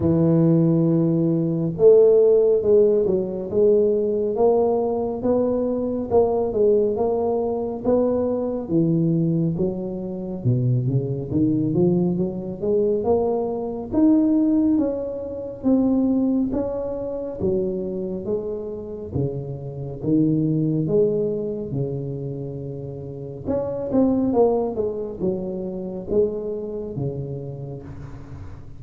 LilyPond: \new Staff \with { instrumentName = "tuba" } { \time 4/4 \tempo 4 = 69 e2 a4 gis8 fis8 | gis4 ais4 b4 ais8 gis8 | ais4 b4 e4 fis4 | b,8 cis8 dis8 f8 fis8 gis8 ais4 |
dis'4 cis'4 c'4 cis'4 | fis4 gis4 cis4 dis4 | gis4 cis2 cis'8 c'8 | ais8 gis8 fis4 gis4 cis4 | }